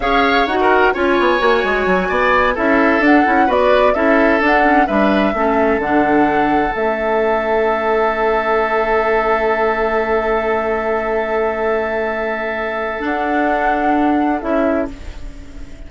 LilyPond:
<<
  \new Staff \with { instrumentName = "flute" } { \time 4/4 \tempo 4 = 129 f''4 fis''4 gis''2~ | gis''4. e''4 fis''4 d''8~ | d''8 e''4 fis''4 e''4.~ | e''8 fis''2 e''4.~ |
e''1~ | e''1~ | e''1 | fis''2. e''4 | }
  \new Staff \with { instrumentName = "oboe" } { \time 4/4 cis''4~ cis''16 ais'8. cis''2~ | cis''8 d''4 a'2 b'8~ | b'8 a'2 b'4 a'8~ | a'1~ |
a'1~ | a'1~ | a'1~ | a'1 | }
  \new Staff \with { instrumentName = "clarinet" } { \time 4/4 gis'4 fis'4 f'4 fis'4~ | fis'4. e'4 d'8 e'8 fis'8~ | fis'8 e'4 d'8 cis'8 d'4 cis'8~ | cis'8 d'2 cis'4.~ |
cis'1~ | cis'1~ | cis'1 | d'2. e'4 | }
  \new Staff \with { instrumentName = "bassoon" } { \time 4/4 cis'4 dis'4 cis'8 b8 ais8 gis8 | fis8 b4 cis'4 d'8 cis'8 b8~ | b8 cis'4 d'4 g4 a8~ | a8 d2 a4.~ |
a1~ | a1~ | a1 | d'2. cis'4 | }
>>